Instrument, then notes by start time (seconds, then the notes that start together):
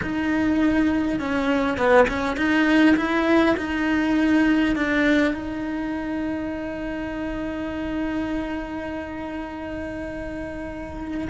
cello
0.02 D#4
1.19 C#4
1.77 B3
2.07 C#4
2.36 D#4
2.96 E4
3.56 D#4
4.75 D4
5.34 D#4